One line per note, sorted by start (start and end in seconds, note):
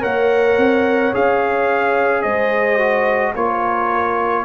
0.00 0.58 A#3
0.00 1.12 A#4
0.00 2.22 C#5
0.00 1.15 F#5
0.58 1.13 C4
1.14 2.25 C#4
1.14 2.80 G#4
1.14 2.23 F5
2.23 3.36 G#3
2.23 3.34 C5
2.23 3.34 D#5
2.80 3.35 F#4
3.36 4.45 A#3
3.36 4.45 F4
3.36 4.45 A#4
3.36 4.45 C#5